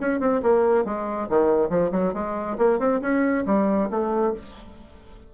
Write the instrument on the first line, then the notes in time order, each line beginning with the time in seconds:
bassoon
0.00 C#4
0.20 C4
0.42 A#3
0.85 G#3
1.29 D#3
1.69 F3
1.91 F#3
2.13 G#3
2.58 A#3
2.79 C4
3.01 C#4
3.46 G3
3.90 A3